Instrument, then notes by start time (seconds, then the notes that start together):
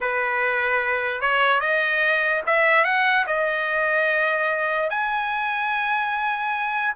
trumpet
0.00 B4
1.21 C#5
1.60 D#5
2.46 E5
2.84 F#5
3.26 D#5
4.90 G#5